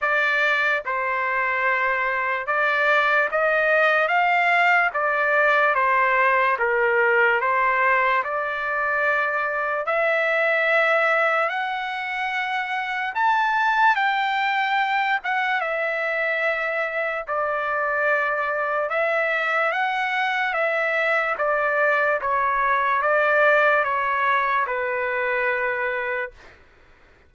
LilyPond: \new Staff \with { instrumentName = "trumpet" } { \time 4/4 \tempo 4 = 73 d''4 c''2 d''4 | dis''4 f''4 d''4 c''4 | ais'4 c''4 d''2 | e''2 fis''2 |
a''4 g''4. fis''8 e''4~ | e''4 d''2 e''4 | fis''4 e''4 d''4 cis''4 | d''4 cis''4 b'2 | }